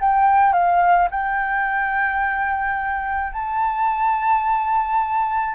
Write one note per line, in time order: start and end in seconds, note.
0.00 0.52 G5
0.52 1.08 F5
1.10 3.33 G5
3.33 5.55 A5